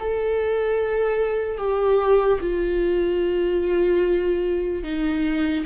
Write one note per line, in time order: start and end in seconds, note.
0.00 1.58 A4
1.58 2.39 G4
2.41 4.84 F4
4.84 5.65 D#4